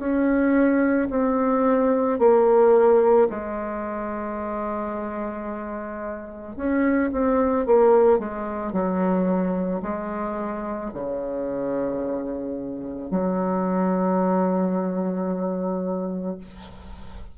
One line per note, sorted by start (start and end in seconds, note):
0.00 1.09 C#4
1.11 2.20 C4
2.20 3.29 A#3
3.30 6.57 G#3
6.57 7.11 C#4
7.13 7.67 C4
7.67 8.20 A#3
8.20 8.73 G#3
8.73 9.82 F#3
9.83 10.92 G#3
10.94 13.11 C#3
13.11 16.38 F#3